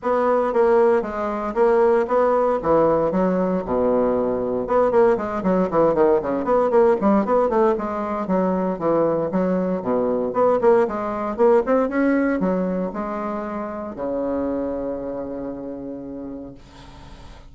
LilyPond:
\new Staff \with { instrumentName = "bassoon" } { \time 4/4 \tempo 4 = 116 b4 ais4 gis4 ais4 | b4 e4 fis4 b,4~ | b,4 b8 ais8 gis8 fis8 e8 dis8 | cis8 b8 ais8 g8 b8 a8 gis4 |
fis4 e4 fis4 b,4 | b8 ais8 gis4 ais8 c'8 cis'4 | fis4 gis2 cis4~ | cis1 | }